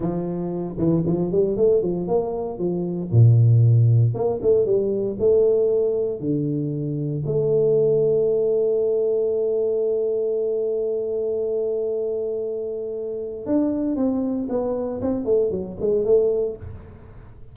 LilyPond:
\new Staff \with { instrumentName = "tuba" } { \time 4/4 \tempo 4 = 116 f4. e8 f8 g8 a8 f8 | ais4 f4 ais,2 | ais8 a8 g4 a2 | d2 a2~ |
a1~ | a1~ | a2 d'4 c'4 | b4 c'8 a8 fis8 gis8 a4 | }